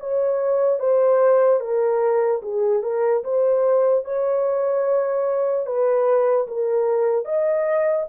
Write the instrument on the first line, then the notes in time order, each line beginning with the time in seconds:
horn
0.00 C#5
0.80 C5
1.61 A#4
2.43 G#4
2.83 A#4
3.24 C5
4.05 C#5
5.66 B4
6.48 A#4
7.25 D#5